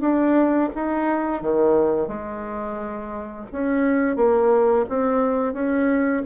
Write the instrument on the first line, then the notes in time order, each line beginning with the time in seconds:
bassoon
0.00 D4
0.75 D#4
1.41 D#3
2.08 G#3
3.52 C#4
4.16 A#3
4.89 C4
5.53 C#4